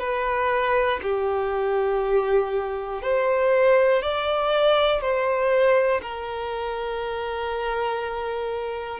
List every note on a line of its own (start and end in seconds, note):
0.00 1.00 B4
1.03 3.02 G4
3.02 4.02 C5
4.03 5.01 D5
5.01 6.01 C5
6.02 9.00 A#4